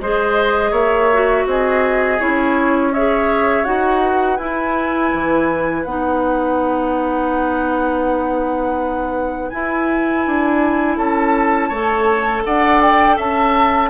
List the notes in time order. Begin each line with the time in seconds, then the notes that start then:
0.00 G#3 G#4 C5 D#5
0.71 A#3 C#5 E5
1.13 F#4
1.46 C4 G#4 D#5
2.19 C#4 E4 C#5
2.93 G#4 C#5 E5
3.64 D#4 F#4 F#5
4.02 B4
4.37 E4 G#5
5.13 E3
5.84 B3 D#4 F#5
9.50 E4 G#5
10.26 D4
10.97 C#4 A4 A5
11.69 A3 A4 C#5
12.45 D4 D5 F#5
12.82 G5
13.17 C#4 E5 A5